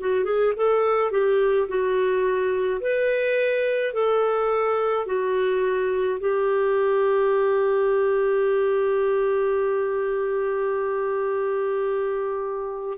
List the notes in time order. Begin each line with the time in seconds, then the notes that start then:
0.00 F#4
0.25 G#4
0.57 A4
1.11 G4
1.68 F#4
2.80 B4
3.94 A4
5.06 F#4
6.20 G4